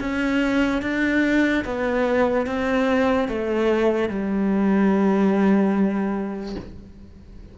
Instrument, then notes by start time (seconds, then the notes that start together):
cello
0.00 C#4
0.82 D4
1.65 B3
2.46 C4
3.28 A3
4.09 G3